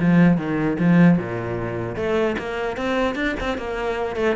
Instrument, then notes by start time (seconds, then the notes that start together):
cello
0.00 F3
0.38 D#3
0.80 F3
1.18 A#2
1.97 A3
2.39 A#3
2.77 C4
3.16 D4
3.40 C4
3.58 A#3
4.17 A3